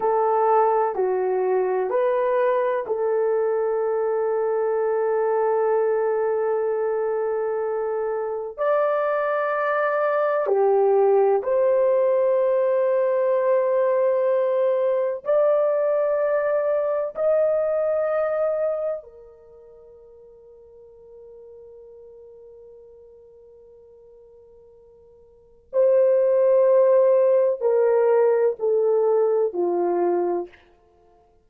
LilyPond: \new Staff \with { instrumentName = "horn" } { \time 4/4 \tempo 4 = 63 a'4 fis'4 b'4 a'4~ | a'1~ | a'4 d''2 g'4 | c''1 |
d''2 dis''2 | ais'1~ | ais'2. c''4~ | c''4 ais'4 a'4 f'4 | }